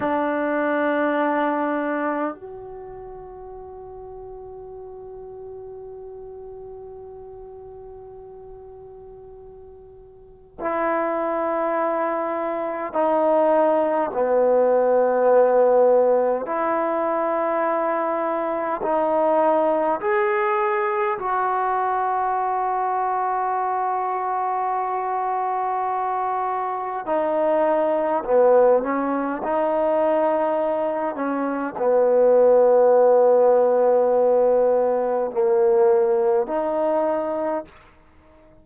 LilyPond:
\new Staff \with { instrumentName = "trombone" } { \time 4/4 \tempo 4 = 51 d'2 fis'2~ | fis'1~ | fis'4 e'2 dis'4 | b2 e'2 |
dis'4 gis'4 fis'2~ | fis'2. dis'4 | b8 cis'8 dis'4. cis'8 b4~ | b2 ais4 dis'4 | }